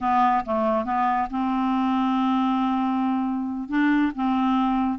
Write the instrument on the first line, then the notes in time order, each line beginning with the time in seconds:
clarinet
0.01 B3
0.45 A3
0.84 B3
1.30 C4
3.68 D4
4.15 C4